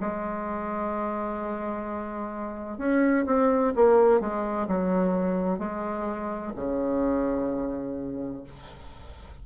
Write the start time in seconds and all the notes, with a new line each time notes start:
0.00 G#3
2.78 C#4
3.26 C4
3.75 A#3
4.20 G#3
4.67 F#3
5.58 G#3
6.56 C#3